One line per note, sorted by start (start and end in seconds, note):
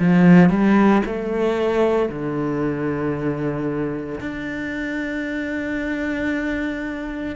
0.00 0.50 F3
0.50 1.02 G3
1.06 2.10 A3
2.10 4.20 D3
4.21 7.36 D4